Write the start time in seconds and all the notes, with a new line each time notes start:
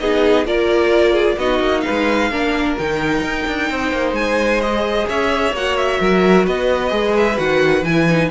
0.00 B3 D#4 G#4 D#5
0.45 A#3 F4 A#4 D5
1.13 G#4
1.37 B3 D#4 F#4 D#5
1.60 A#3
1.81 B4 F5
1.90 G#3
2.30 A#3 D4 A#4
2.78 D#3 D#4 G5
3.21 D#4
3.48 D4
3.70 C4 C5
3.92 A#3
4.12 G#3 G#5
4.61 G#4 D#5
5.08 C#4 C#5 E5
5.53 A#3 F#4 F#5
5.77 E5
6.01 F#3 A#4
6.46 B3 B4 D#5
6.90 G#3 G#4
7.18 E5
7.37 D#3 F#4 F#5
7.83 E3 E4 G#5
8.09 D#4